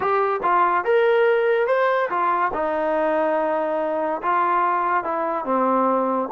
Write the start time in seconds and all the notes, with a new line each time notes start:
0.00 G4
0.43 F4
0.84 A#4
1.67 C5
2.09 F4
2.53 D#4
4.22 F4
5.04 E4
5.45 C4